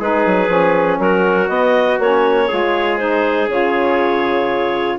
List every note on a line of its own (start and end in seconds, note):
0.00 0.25 G#3
0.00 0.47 D#4
0.00 1.00 G#4
0.00 1.00 B4
0.26 0.48 F#3
0.47 0.98 F3
0.47 1.47 C#4
0.99 1.49 F#3
0.99 2.48 F#4
0.99 1.49 A#4
1.47 1.97 B3
1.47 1.99 B3
1.47 1.99 D#5
1.99 2.49 A#3
1.99 2.50 C#4
1.99 2.98 C#5
2.48 3.49 G#3
2.48 2.99 F4
2.48 4.98 G#4
2.98 3.49 D#4
2.98 3.48 C5
3.49 4.99 C#3
3.49 4.99 F4
3.49 4.99 C#5